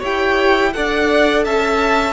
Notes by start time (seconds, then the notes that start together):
0.00 E4 G4 C#5 G5
0.74 D4 A4 D5 F#5
1.45 C#4 E5 A5